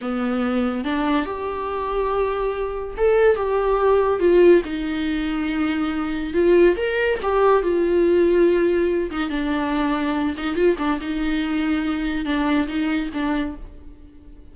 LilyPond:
\new Staff \with { instrumentName = "viola" } { \time 4/4 \tempo 4 = 142 b2 d'4 g'4~ | g'2. a'4 | g'2 f'4 dis'4~ | dis'2. f'4 |
ais'4 g'4 f'2~ | f'4. dis'8 d'2~ | d'8 dis'8 f'8 d'8 dis'2~ | dis'4 d'4 dis'4 d'4 | }